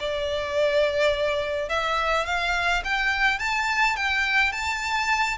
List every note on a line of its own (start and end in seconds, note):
0.00 1.69 D5
1.69 2.26 E5
2.26 2.83 F5
2.84 3.39 G5
3.39 3.96 A5
3.96 4.52 G5
4.52 5.38 A5